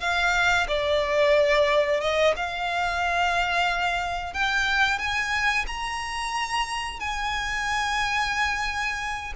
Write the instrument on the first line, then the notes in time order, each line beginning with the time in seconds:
violin
0.00 F5
0.68 D5
2.01 D#5
2.36 F5
4.33 G5
4.98 G#5
5.67 A#5
6.99 G#5